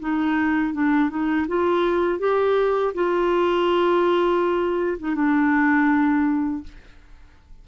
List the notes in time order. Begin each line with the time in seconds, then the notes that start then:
0.00 D#4
0.74 D4
1.10 D#4
1.48 F4
2.20 G4
2.94 F4
4.99 D#4
5.15 D4